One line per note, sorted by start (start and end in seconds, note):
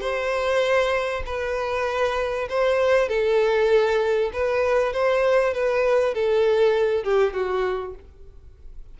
0.00 1.22 C5
1.25 2.48 B4
2.49 3.08 C5
3.08 4.31 A4
4.33 4.93 B4
4.93 5.53 C5
5.53 6.14 B4
6.14 7.04 A4
7.04 7.33 G4
7.33 7.94 F#4